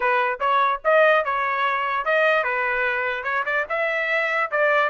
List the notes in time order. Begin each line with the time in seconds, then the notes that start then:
0.00 B4
0.40 C#5
0.84 D#5
1.24 C#5
2.05 D#5
2.43 B4
3.23 C#5
3.45 D5
3.69 E5
4.51 D5